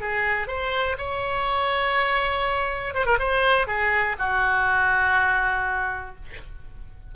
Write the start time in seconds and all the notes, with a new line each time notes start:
0.00 G#4
0.47 C5
0.97 C#5
2.94 C5
3.05 A#4
3.18 C5
3.66 G#4
4.18 F#4